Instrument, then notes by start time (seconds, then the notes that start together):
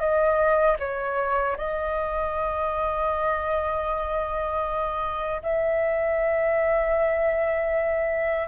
flute
0.00 D#5
0.79 C#5
1.57 D#5
5.42 E5